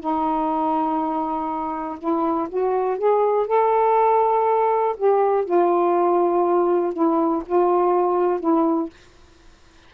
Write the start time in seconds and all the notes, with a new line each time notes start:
0.00 D#4
1.99 E4
2.49 F#4
2.98 G#4
3.47 A4
4.97 G4
5.45 F4
6.93 E4
7.46 F4
8.40 E4